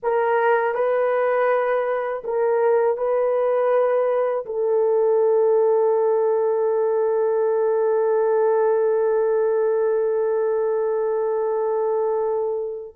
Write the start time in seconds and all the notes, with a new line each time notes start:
0.02 A#4
0.74 B4
2.24 A#4
2.97 B4
4.45 A4